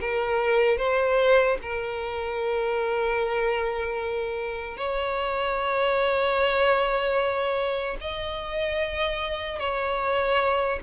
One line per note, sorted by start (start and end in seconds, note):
0.00 0.77 A#4
0.77 1.57 C5
1.62 4.77 A#4
4.77 7.97 C#5
8.00 9.59 D#5
9.59 10.79 C#5